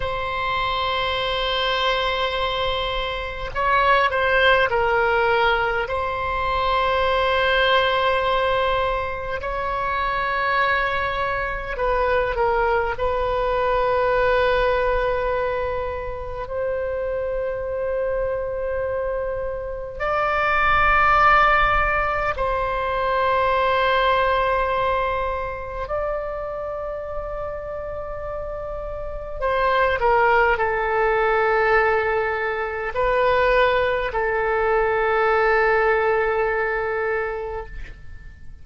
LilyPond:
\new Staff \with { instrumentName = "oboe" } { \time 4/4 \tempo 4 = 51 c''2. cis''8 c''8 | ais'4 c''2. | cis''2 b'8 ais'8 b'4~ | b'2 c''2~ |
c''4 d''2 c''4~ | c''2 d''2~ | d''4 c''8 ais'8 a'2 | b'4 a'2. | }